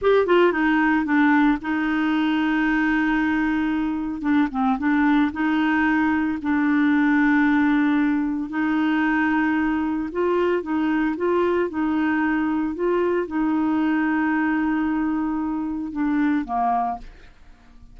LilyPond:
\new Staff \with { instrumentName = "clarinet" } { \time 4/4 \tempo 4 = 113 g'8 f'8 dis'4 d'4 dis'4~ | dis'1 | d'8 c'8 d'4 dis'2 | d'1 |
dis'2. f'4 | dis'4 f'4 dis'2 | f'4 dis'2.~ | dis'2 d'4 ais4 | }